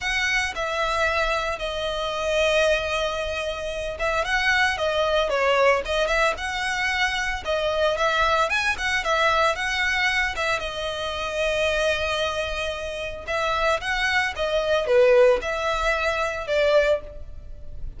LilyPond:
\new Staff \with { instrumentName = "violin" } { \time 4/4 \tempo 4 = 113 fis''4 e''2 dis''4~ | dis''2.~ dis''8 e''8 | fis''4 dis''4 cis''4 dis''8 e''8 | fis''2 dis''4 e''4 |
gis''8 fis''8 e''4 fis''4. e''8 | dis''1~ | dis''4 e''4 fis''4 dis''4 | b'4 e''2 d''4 | }